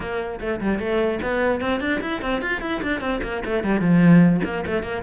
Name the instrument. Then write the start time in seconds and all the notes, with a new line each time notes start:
cello
0.00 A#3
0.40 A3
0.61 G3
0.79 A3
1.22 B3
1.61 C4
1.80 D4
2.01 E4
2.21 C4
2.41 F4
2.61 E4
2.82 D4
3.00 C4
3.23 A#3
3.45 A3
3.63 G3
3.80 F3
4.44 A#3
4.66 A3
4.82 A#3